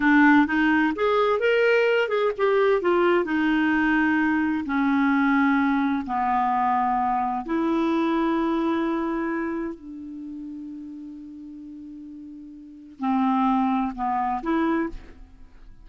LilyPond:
\new Staff \with { instrumentName = "clarinet" } { \time 4/4 \tempo 4 = 129 d'4 dis'4 gis'4 ais'4~ | ais'8 gis'8 g'4 f'4 dis'4~ | dis'2 cis'2~ | cis'4 b2. |
e'1~ | e'4 d'2.~ | d'1 | c'2 b4 e'4 | }